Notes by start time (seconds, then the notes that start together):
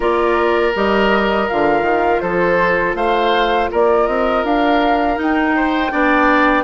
0.00 A#3 F4 A#4 D5
0.75 G3 G4 D#5
1.47 D3 F4 F5
1.81 D#3
2.20 F3 A4 C5
2.94 A3 C5 F5
3.71 A#3 A#4 D5
4.07 C4 D#5
4.43 D4 F5
5.16 D#4 G5
5.56 C5
5.90 B3 D4 D5